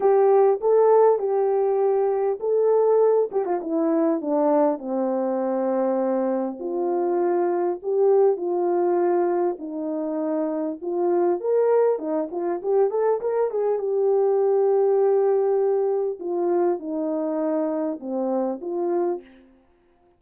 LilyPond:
\new Staff \with { instrumentName = "horn" } { \time 4/4 \tempo 4 = 100 g'4 a'4 g'2 | a'4. g'16 f'16 e'4 d'4 | c'2. f'4~ | f'4 g'4 f'2 |
dis'2 f'4 ais'4 | dis'8 f'8 g'8 a'8 ais'8 gis'8 g'4~ | g'2. f'4 | dis'2 c'4 f'4 | }